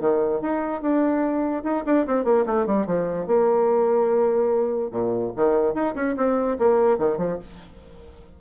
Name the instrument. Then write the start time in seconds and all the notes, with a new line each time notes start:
bassoon
0.00 D#3
0.41 D#4
0.82 D4
1.64 D#4
1.86 D4
2.07 C4
2.25 A#3
2.46 A3
2.67 G3
2.86 F3
3.27 A#3
4.91 A#2
5.36 D#3
5.74 D#4
5.95 C#4
6.17 C4
6.59 A#3
6.98 D#3
7.18 F3